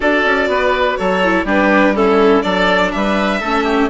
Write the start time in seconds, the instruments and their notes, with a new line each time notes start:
0.00 bassoon D4, viola F#4, oboe A4, violin D5
0.25 bassoon C#4
0.47 bassoon B3, oboe B4
0.96 bassoon F#3, oboe A4, violin C#5
1.23 viola E4
1.44 bassoon G3, viola D4, oboe G4, violin B4
1.94 viola C#4, oboe E4, violin A4
2.42 bassoon F#3, viola D4, oboe A4, violin D5
2.91 bassoon G3, oboe B4, violin E5
3.40 bassoon A3, viola C#4, oboe A4
3.64 oboe G4